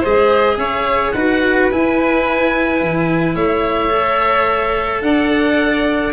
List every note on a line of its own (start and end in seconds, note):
0.00 0.58 G#3
0.00 1.15 G#4
0.00 0.56 C5
0.00 0.59 D#5
0.58 1.13 C#4
0.58 1.15 C#5
0.58 1.12 E5
1.12 1.70 D#4
1.12 1.71 F#4
1.12 3.35 B4
1.12 1.68 F#5
1.71 3.89 E4
1.71 2.82 E4
1.71 3.36 G#5
2.82 3.36 E3
3.35 5.02 A3
3.35 5.02 C#5
3.35 5.02 E5
3.89 6.12 A4
5.02 6.13 D4
5.02 6.13 D5
5.02 6.13 F#5